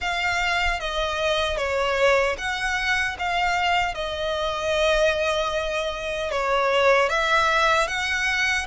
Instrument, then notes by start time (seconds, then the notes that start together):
violin
0.00 F5
0.80 D#5
1.57 C#5
2.38 F#5
3.19 F5
3.94 D#5
6.31 C#5
7.09 E5
7.87 F#5